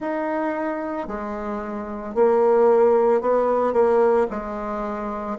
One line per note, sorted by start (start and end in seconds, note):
0.00 1.07 D#4
1.07 2.14 G#3
2.14 3.21 A#3
3.21 3.73 B3
3.73 4.27 A#3
4.30 5.37 G#3